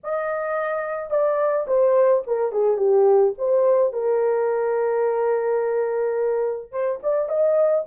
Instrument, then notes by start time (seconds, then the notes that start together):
horn
0.03 D#5
1.10 D5
1.67 C5
2.26 A#4
2.52 G#4
2.77 G4
3.38 C5
3.93 A#4
6.71 C5
7.02 D5
7.28 D#5